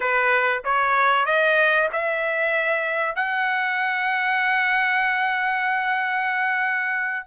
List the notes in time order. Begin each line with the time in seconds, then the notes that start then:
0.00 B4
0.64 C#5
1.25 D#5
1.92 E5
3.15 F#5